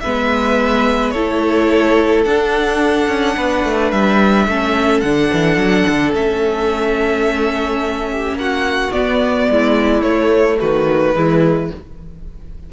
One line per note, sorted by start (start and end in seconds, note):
0.00 1.14 G#3
0.00 1.16 B3
0.00 1.14 B4
0.00 1.11 E5
1.11 2.25 A3
1.11 2.27 E4
1.11 3.36 A4
1.11 2.22 C#5
2.25 3.08 D4
2.25 4.50 D4
2.25 3.92 F#5
3.08 3.36 C#4
3.36 3.64 B3
3.36 4.48 B4
3.64 3.92 A3
3.92 4.47 G3
3.92 5.00 E5
4.47 5.02 A3
4.47 5.05 C#4
4.47 8.11 A4
5.00 5.31 D3
5.00 6.14 D4
5.00 6.12 F#5
5.33 5.57 E3
5.57 5.85 F#3
5.88 6.14 D3
6.14 8.33 A3
6.14 8.92 C#4
6.14 8.38 E5
8.11 8.39 G4
8.33 8.89 A#3
8.33 8.92 F#5
8.40 9.51 F#4
8.92 10.03 B3
8.92 9.49 B3
8.92 10.02 D5
9.50 10.02 G#3
9.50 10.59 E4
10.02 10.58 A3
10.02 11.14 A3
10.02 10.58 C#5
10.59 11.15 D#3
10.59 11.14 F#4
10.59 11.71 B4
11.15 11.71 E3
11.15 11.70 G#3
11.15 11.73 E4